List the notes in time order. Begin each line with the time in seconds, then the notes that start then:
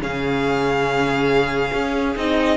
0.00 C#3 C#4 G#4 F5
1.73 C#4
2.16 C4 D#4 D#5